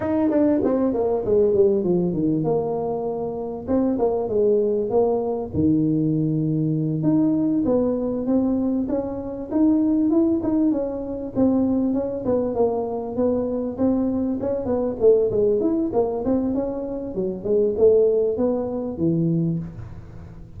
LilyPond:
\new Staff \with { instrumentName = "tuba" } { \time 4/4 \tempo 4 = 98 dis'8 d'8 c'8 ais8 gis8 g8 f8 dis8 | ais2 c'8 ais8 gis4 | ais4 dis2~ dis8 dis'8~ | dis'8 b4 c'4 cis'4 dis'8~ |
dis'8 e'8 dis'8 cis'4 c'4 cis'8 | b8 ais4 b4 c'4 cis'8 | b8 a8 gis8 e'8 ais8 c'8 cis'4 | fis8 gis8 a4 b4 e4 | }